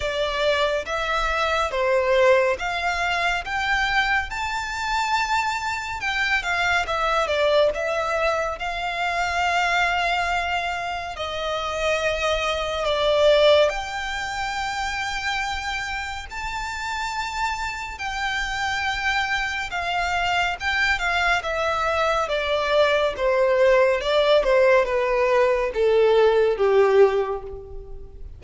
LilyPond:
\new Staff \with { instrumentName = "violin" } { \time 4/4 \tempo 4 = 70 d''4 e''4 c''4 f''4 | g''4 a''2 g''8 f''8 | e''8 d''8 e''4 f''2~ | f''4 dis''2 d''4 |
g''2. a''4~ | a''4 g''2 f''4 | g''8 f''8 e''4 d''4 c''4 | d''8 c''8 b'4 a'4 g'4 | }